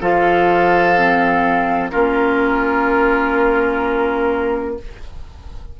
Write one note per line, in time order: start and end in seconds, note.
0.00 1.90 F3
0.00 0.96 F4
0.00 1.91 A4
0.00 1.89 F5
0.96 1.91 C4
1.89 4.79 A#3
1.89 4.77 C#4
1.89 4.77 F4
1.89 4.75 A#4